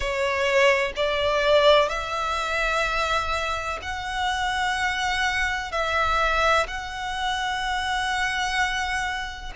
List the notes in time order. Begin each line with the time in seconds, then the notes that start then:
0.00 C#5
0.96 D5
1.88 E5
3.81 F#5
5.71 E5
6.67 F#5